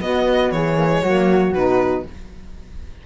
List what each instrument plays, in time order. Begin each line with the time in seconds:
0.00 cello B3, saxophone B3, flute F#4, violin D#5
0.51 cello E3, flute G#4, violin C#5
0.75 saxophone A#3
0.90 saxophone G#3
1.02 cello F#3, saxophone A#3, flute F#4
1.52 cello B2, saxophone D#4, violin B4